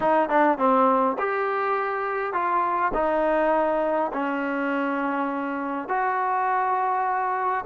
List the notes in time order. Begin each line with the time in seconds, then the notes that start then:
0.00 D#4
0.29 D4
0.58 C4
1.18 G4
2.33 F4
2.94 D#4
4.13 C#4
5.88 F#4